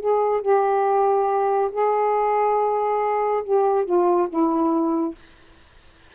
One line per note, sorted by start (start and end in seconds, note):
0.00 0.42 G#4
0.42 1.70 G4
1.72 3.43 G#4
3.44 3.85 G4
3.85 4.28 F4
4.29 5.15 E4